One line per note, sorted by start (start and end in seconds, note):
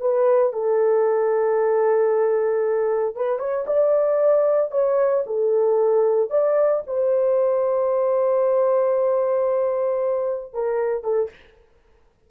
0.00 0.53 B4
0.53 3.15 A4
3.15 3.39 B4
3.39 3.65 C#5
3.67 4.71 D5
4.71 5.24 C#5
5.26 6.30 A4
6.30 6.83 D5
6.87 10.53 C5
10.53 11.03 A#4
11.03 11.29 A4